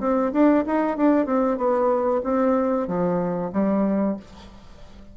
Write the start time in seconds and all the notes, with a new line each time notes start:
0.00 C4
0.33 D4
0.67 D#4
0.97 D4
1.26 C4
1.58 B3
2.24 C4
2.88 F3
3.53 G3